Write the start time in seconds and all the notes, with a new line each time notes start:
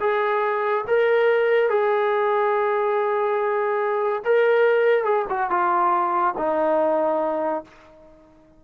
0.00 G#4
0.88 A#4
1.69 G#4
4.25 A#4
5.04 G#4
5.30 F#4
5.50 F4
6.37 D#4